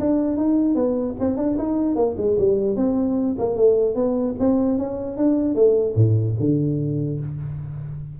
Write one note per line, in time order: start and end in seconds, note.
0.00 0.37 D4
0.37 0.75 D#4
0.75 1.15 B3
1.20 1.37 C4
1.37 1.57 D4
1.59 1.95 D#4
1.95 2.15 A#3
2.18 2.38 G#3
2.39 2.77 G3
2.77 3.37 C4
3.39 3.57 A#3
3.57 3.95 A3
3.95 4.35 B3
4.40 4.79 C4
4.79 5.17 C#4
5.17 5.55 D4
5.55 5.95 A3
5.96 6.36 A2
6.40 7.20 D3